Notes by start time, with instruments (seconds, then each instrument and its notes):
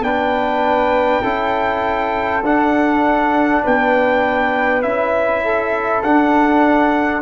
0.00 tuba B3, trombone D4, flute B4, trumpet G5
1.22 tuba C#4, trombone E4, flute A4
2.43 tuba D4, trombone D4, trumpet F#5
3.62 tuba B3, flute B4, trumpet G5
4.82 tuba C#4, trombone E4, trumpet E5
5.44 flute A4
6.03 tuba D4, trombone D4, trumpet F#5